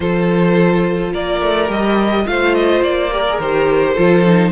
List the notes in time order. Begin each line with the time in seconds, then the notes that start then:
0.00 F3 F4 A4 C5
1.12 A#3 A#4 D5
1.41 A3
1.66 G3 G4 D#5
2.25 A3 F4 C5 F5
2.54 D#5
2.81 A#3 D5
3.11 G4 A#4
3.29 G#4
3.39 D#3 G4 C5
3.94 F3 F4 A4
4.25 D#4